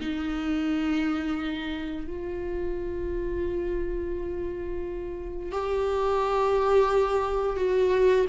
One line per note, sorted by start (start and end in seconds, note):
0.00 2.07 D#4
2.07 5.51 F4
5.51 7.56 G4
7.56 8.25 F#4